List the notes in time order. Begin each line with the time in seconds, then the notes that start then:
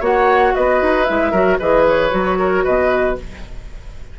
0.00 A#3 F#4 C#5 F#5
0.55 B3 B4 D#5
0.82 D#4
1.05 G#3 E4 E5
1.31 F#3 F#4 A#4
1.59 E3 G#4 B4 D#5
1.88 C#5
2.10 F#3 F#4
2.39 A#4
2.64 B2 B4 D#5